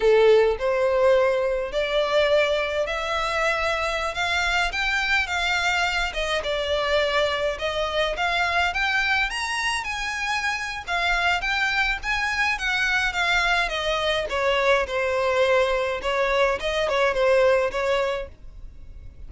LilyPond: \new Staff \with { instrumentName = "violin" } { \time 4/4 \tempo 4 = 105 a'4 c''2 d''4~ | d''4 e''2~ e''16 f''8.~ | f''16 g''4 f''4. dis''8 d''8.~ | d''4~ d''16 dis''4 f''4 g''8.~ |
g''16 ais''4 gis''4.~ gis''16 f''4 | g''4 gis''4 fis''4 f''4 | dis''4 cis''4 c''2 | cis''4 dis''8 cis''8 c''4 cis''4 | }